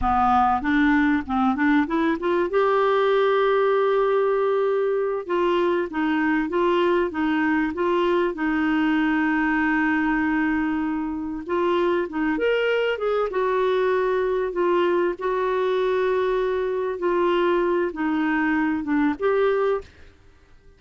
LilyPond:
\new Staff \with { instrumentName = "clarinet" } { \time 4/4 \tempo 4 = 97 b4 d'4 c'8 d'8 e'8 f'8 | g'1~ | g'8 f'4 dis'4 f'4 dis'8~ | dis'8 f'4 dis'2~ dis'8~ |
dis'2~ dis'8 f'4 dis'8 | ais'4 gis'8 fis'2 f'8~ | f'8 fis'2. f'8~ | f'4 dis'4. d'8 g'4 | }